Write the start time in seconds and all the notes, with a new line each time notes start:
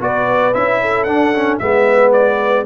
0.00 B3 F#4 B4 D5
0.54 C#4 E4 E5
0.81 A4
1.03 D4 F#5
1.34 C#4
1.59 G#3 B3 B4 E5
2.12 D5